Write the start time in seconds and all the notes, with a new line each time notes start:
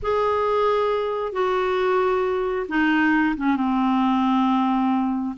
0.02 G#4
1.32 F#4
2.68 D#4
3.36 C#4
3.56 C4